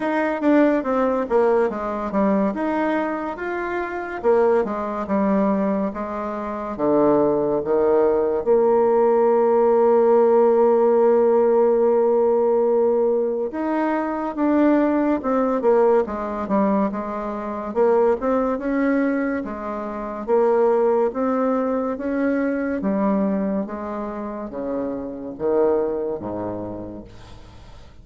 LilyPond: \new Staff \with { instrumentName = "bassoon" } { \time 4/4 \tempo 4 = 71 dis'8 d'8 c'8 ais8 gis8 g8 dis'4 | f'4 ais8 gis8 g4 gis4 | d4 dis4 ais2~ | ais1 |
dis'4 d'4 c'8 ais8 gis8 g8 | gis4 ais8 c'8 cis'4 gis4 | ais4 c'4 cis'4 g4 | gis4 cis4 dis4 gis,4 | }